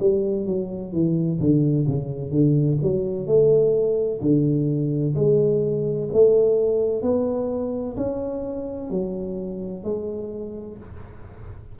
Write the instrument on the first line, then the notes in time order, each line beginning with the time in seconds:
tuba
0.00 G3
0.46 F#3
0.93 E3
1.40 D3
1.88 C#3
2.31 D3
2.83 F#3
3.27 A3
4.21 D3
5.15 G#3
6.13 A3
7.03 B3
7.97 C#4
8.91 F#3
9.84 G#3